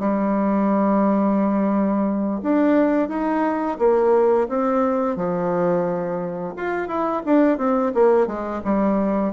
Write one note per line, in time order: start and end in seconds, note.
0.00 2.41 G3
2.43 3.09 D4
3.09 3.78 D#4
3.79 4.48 A#3
4.49 5.17 C4
5.17 6.55 F3
6.57 6.88 F4
6.88 7.23 E4
7.26 7.58 D4
7.58 7.93 C4
7.95 8.28 A#3
8.28 8.62 G#3
8.65 9.34 G3